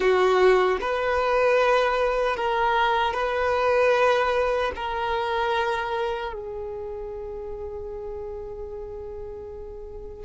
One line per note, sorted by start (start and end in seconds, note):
0.00 0.78 F#4
0.80 2.36 B4
2.36 3.13 A#4
3.13 4.71 B4
4.75 6.33 A#4
6.33 10.25 G#4